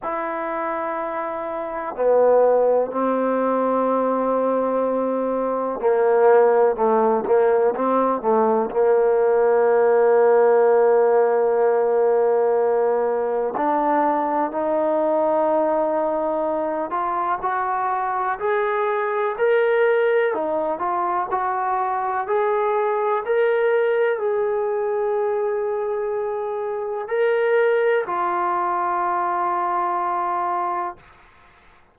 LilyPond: \new Staff \with { instrumentName = "trombone" } { \time 4/4 \tempo 4 = 62 e'2 b4 c'4~ | c'2 ais4 a8 ais8 | c'8 a8 ais2.~ | ais2 d'4 dis'4~ |
dis'4. f'8 fis'4 gis'4 | ais'4 dis'8 f'8 fis'4 gis'4 | ais'4 gis'2. | ais'4 f'2. | }